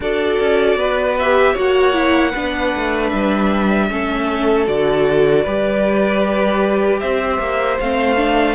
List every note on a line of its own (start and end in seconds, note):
0.00 0.38 D4
0.00 1.19 F#4
0.00 0.77 A4
0.00 1.18 D5
0.40 0.75 C#4
0.75 1.53 B3
0.75 1.52 B4
1.18 1.56 G4
1.18 1.57 E5
1.52 2.35 A#3
1.52 1.93 F#4
1.52 2.30 C#5
1.52 3.09 F#5
1.93 2.32 E4
2.30 2.74 B3
2.30 3.89 D4
2.30 3.86 B4
2.76 3.12 A3
3.09 3.90 G3
3.09 4.64 E5
3.89 4.67 A3
3.89 4.66 C#4
3.89 5.43 A4
4.66 5.45 D3
4.66 5.44 F#4
4.66 7.00 D5
5.43 7.01 G3
5.43 7.81 G4
5.43 6.99 B4
7.00 7.38 C4
7.00 8.55 C5
7.00 7.77 E5
7.38 7.77 A#3
7.80 8.55 A3
7.80 8.17 C4
7.80 8.55 F5
8.17 8.55 D4